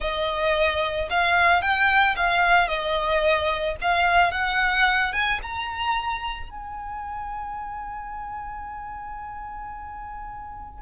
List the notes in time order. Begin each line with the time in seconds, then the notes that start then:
0.00 D#5
1.10 F5
1.61 G5
2.15 F5
2.68 D#5
3.81 F5
4.31 F#5
5.12 G#5
5.42 A#5
6.50 G#5